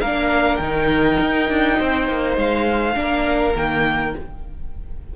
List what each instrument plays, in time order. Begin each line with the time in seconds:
0.00 cello A#3, viola D4, violin A#4 F5
0.56 cello D#3, viola D#4, violin G5
1.20 cello D#4
1.49 cello D4
1.78 cello C4, violin C5
2.08 cello A#3
2.37 cello G#3, violin F5
2.94 cello A#3, viola D4, violin A#4
3.55 cello D#3, viola A#3, violin G5